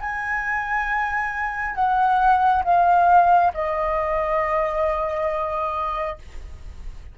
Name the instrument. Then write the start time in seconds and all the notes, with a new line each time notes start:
flute
0.00 G#5
1.75 F#5
2.64 F5
3.54 D#5